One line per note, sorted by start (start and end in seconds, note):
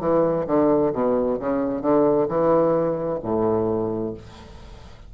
0.00 0.45 E3
0.47 0.93 D3
0.93 1.38 B2
1.40 1.82 C#3
1.82 2.27 D3
2.29 3.19 E3
3.23 4.14 A2